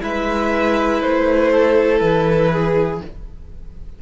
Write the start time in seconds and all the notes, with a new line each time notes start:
0.00 G#3 E4 B4 E5
1.02 A3 C5
1.51 A4
1.99 E3 B4
2.52 G#4